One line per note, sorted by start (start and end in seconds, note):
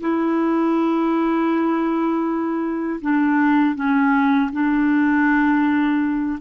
0.00 3.00 E4
3.01 3.75 D4
3.75 4.50 C#4
4.51 6.39 D4